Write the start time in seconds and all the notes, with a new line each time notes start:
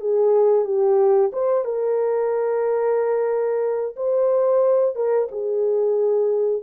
0.00 G#4
0.65 G4
1.32 C5
1.64 A#4
3.96 C5
4.95 A#4
5.31 G#4